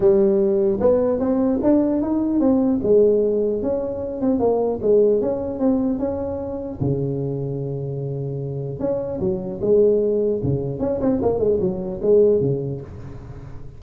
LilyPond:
\new Staff \with { instrumentName = "tuba" } { \time 4/4 \tempo 4 = 150 g2 b4 c'4 | d'4 dis'4 c'4 gis4~ | gis4 cis'4. c'8 ais4 | gis4 cis'4 c'4 cis'4~ |
cis'4 cis2.~ | cis2 cis'4 fis4 | gis2 cis4 cis'8 c'8 | ais8 gis8 fis4 gis4 cis4 | }